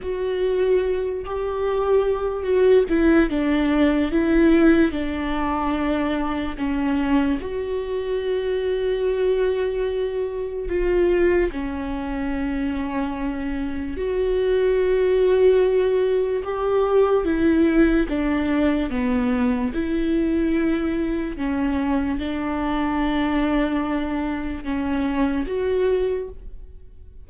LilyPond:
\new Staff \with { instrumentName = "viola" } { \time 4/4 \tempo 4 = 73 fis'4. g'4. fis'8 e'8 | d'4 e'4 d'2 | cis'4 fis'2.~ | fis'4 f'4 cis'2~ |
cis'4 fis'2. | g'4 e'4 d'4 b4 | e'2 cis'4 d'4~ | d'2 cis'4 fis'4 | }